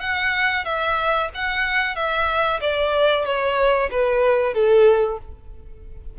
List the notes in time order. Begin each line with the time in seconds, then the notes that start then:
0.00 F#5
0.65 E5
1.34 F#5
1.95 E5
2.61 D5
3.25 C#5
3.91 B4
4.54 A4